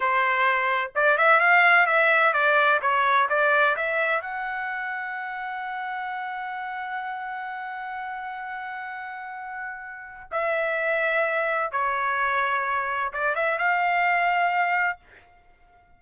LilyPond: \new Staff \with { instrumentName = "trumpet" } { \time 4/4 \tempo 4 = 128 c''2 d''8 e''8 f''4 | e''4 d''4 cis''4 d''4 | e''4 fis''2.~ | fis''1~ |
fis''1~ | fis''2 e''2~ | e''4 cis''2. | d''8 e''8 f''2. | }